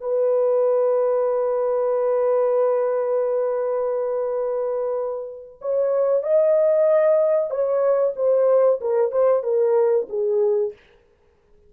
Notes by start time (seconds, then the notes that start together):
0.00 B4
5.61 C#5
6.22 D#5
7.50 C#5
8.16 C5
8.81 A#4
9.11 C5
9.43 A#4
10.09 G#4